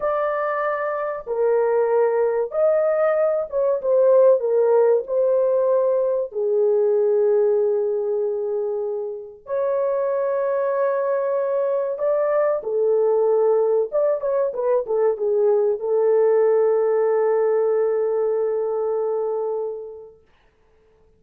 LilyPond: \new Staff \with { instrumentName = "horn" } { \time 4/4 \tempo 4 = 95 d''2 ais'2 | dis''4. cis''8 c''4 ais'4 | c''2 gis'2~ | gis'2. cis''4~ |
cis''2. d''4 | a'2 d''8 cis''8 b'8 a'8 | gis'4 a'2.~ | a'1 | }